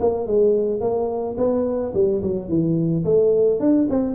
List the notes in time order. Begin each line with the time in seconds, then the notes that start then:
0.00 A#3
0.27 G#3
0.81 A#3
1.37 B3
1.94 G3
2.22 F#3
2.48 E3
3.05 A3
3.60 D4
3.90 C4